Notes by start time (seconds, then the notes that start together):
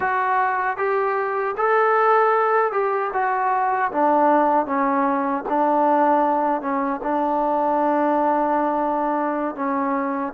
0.00 F#4
0.77 G4
1.57 A4
2.72 G4
3.13 F#4
3.91 D4
4.65 C#4
5.48 D4
6.61 C#4
7.02 D4
9.55 C#4